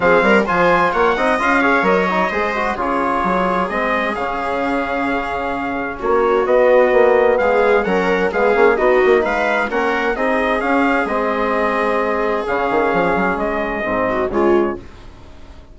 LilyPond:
<<
  \new Staff \with { instrumentName = "trumpet" } { \time 4/4 \tempo 4 = 130 f''4 gis''4 fis''4 f''4 | dis''2 cis''2 | dis''4 f''2.~ | f''4 cis''4 dis''2 |
f''4 fis''4 f''4 dis''4 | f''4 fis''4 dis''4 f''4 | dis''2. f''4~ | f''4 dis''2 cis''4 | }
  \new Staff \with { instrumentName = "viola" } { \time 4/4 gis'8 ais'8 c''4 cis''8 dis''4 cis''8~ | cis''4 c''4 gis'2~ | gis'1~ | gis'4 fis'2. |
gis'4 ais'4 gis'4 fis'4 | b'4 ais'4 gis'2~ | gis'1~ | gis'2~ gis'8 fis'8 f'4 | }
  \new Staff \with { instrumentName = "trombone" } { \time 4/4 c'4 f'4. dis'8 f'8 gis'8 | ais'8 dis'8 gis'8 fis'8 f'2 | c'4 cis'2.~ | cis'2 b2~ |
b4 cis'4 b8 cis'8 dis'4~ | dis'4 cis'4 dis'4 cis'4 | c'2. cis'4~ | cis'2 c'4 gis4 | }
  \new Staff \with { instrumentName = "bassoon" } { \time 4/4 f8 g8 f4 ais8 c'8 cis'4 | fis4 gis4 cis4 fis4 | gis4 cis2.~ | cis4 ais4 b4 ais4 |
gis4 fis4 gis8 ais8 b8 ais8 | gis4 ais4 c'4 cis'4 | gis2. cis8 dis8 | f8 fis8 gis4 gis,4 cis4 | }
>>